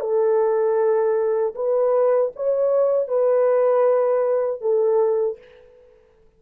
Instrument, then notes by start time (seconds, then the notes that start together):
horn
0.00 A4
1.55 B4
2.35 C#5
3.08 B4
4.61 A4